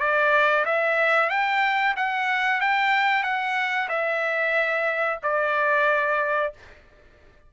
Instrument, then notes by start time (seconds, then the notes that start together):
trumpet
0.00 D5
0.66 E5
1.30 G5
1.97 F#5
2.61 G5
3.23 F#5
3.89 E5
5.23 D5